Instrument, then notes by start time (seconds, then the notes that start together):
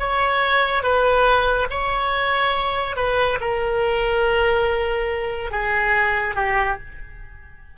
oboe
0.00 C#5
0.83 B4
1.71 C#5
2.97 B4
3.41 A#4
5.52 G#4
6.35 G4